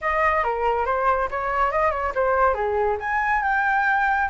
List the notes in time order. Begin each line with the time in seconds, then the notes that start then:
0.01 D#5
0.43 A#4
0.85 C5
1.30 C#5
1.71 D#5
1.91 C#5
2.14 C5
2.54 G#4
3.00 G#5
3.42 G5